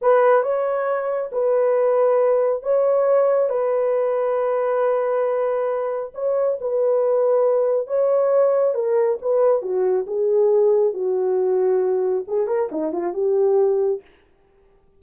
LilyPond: \new Staff \with { instrumentName = "horn" } { \time 4/4 \tempo 4 = 137 b'4 cis''2 b'4~ | b'2 cis''2 | b'1~ | b'2 cis''4 b'4~ |
b'2 cis''2 | ais'4 b'4 fis'4 gis'4~ | gis'4 fis'2. | gis'8 ais'8 dis'8 f'8 g'2 | }